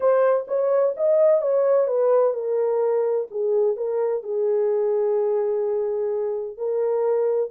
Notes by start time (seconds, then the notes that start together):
0.00 C5
0.47 C#5
0.96 D#5
1.41 C#5
1.87 B4
2.33 A#4
3.30 G#4
3.76 A#4
4.23 G#4
6.57 A#4